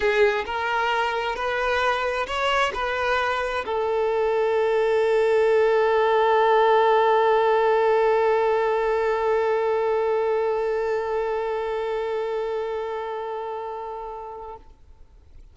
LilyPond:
\new Staff \with { instrumentName = "violin" } { \time 4/4 \tempo 4 = 132 gis'4 ais'2 b'4~ | b'4 cis''4 b'2 | a'1~ | a'1~ |
a'1~ | a'1~ | a'1~ | a'1 | }